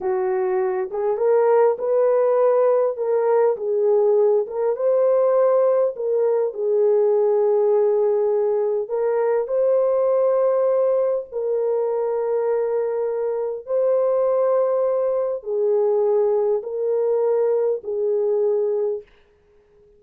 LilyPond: \new Staff \with { instrumentName = "horn" } { \time 4/4 \tempo 4 = 101 fis'4. gis'8 ais'4 b'4~ | b'4 ais'4 gis'4. ais'8 | c''2 ais'4 gis'4~ | gis'2. ais'4 |
c''2. ais'4~ | ais'2. c''4~ | c''2 gis'2 | ais'2 gis'2 | }